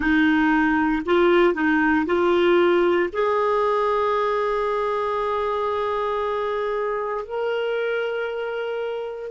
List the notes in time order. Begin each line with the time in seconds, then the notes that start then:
0.00 D#4
1.05 F4
1.54 D#4
2.05 F4
3.12 G#4
7.25 A#4